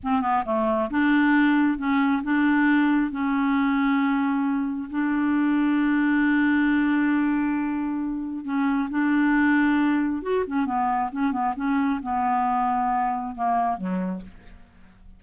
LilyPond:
\new Staff \with { instrumentName = "clarinet" } { \time 4/4 \tempo 4 = 135 c'8 b8 a4 d'2 | cis'4 d'2 cis'4~ | cis'2. d'4~ | d'1~ |
d'2. cis'4 | d'2. fis'8 cis'8 | b4 cis'8 b8 cis'4 b4~ | b2 ais4 fis4 | }